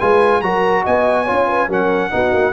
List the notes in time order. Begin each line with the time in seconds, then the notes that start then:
0.00 G#3 F4 B4 G#5
0.42 F#3 F#4 A#4 A#5
0.84 B3 D#5 G#5
1.24 F4 C#5
1.30 C#4
1.47 B4
1.69 F#3 C#4 A#4 F#5
2.11 B3 D#4 F#4
2.33 A#3